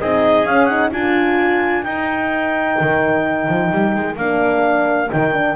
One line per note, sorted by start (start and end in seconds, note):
0.00 0.44 C4
0.00 0.47 D#4
0.00 0.92 G#4
0.00 0.47 D#5
0.44 0.91 C#4
0.44 0.69 C#4
0.44 0.65 F5
0.65 0.91 D#4
0.65 0.89 F#5
0.91 1.85 D4
0.91 1.84 F4
0.91 5.56 A#4
0.91 1.83 G#5
1.83 2.78 D#4
1.83 4.17 D#4
1.83 4.16 G5
2.80 3.48 D#3
3.48 3.71 F3
3.72 3.95 G3
3.95 4.16 G#3
4.16 5.09 A#3
4.16 5.09 D4
4.16 5.10 F5
5.09 5.56 D#3
5.09 5.32 D#4
5.09 5.56 G5
5.33 5.56 D4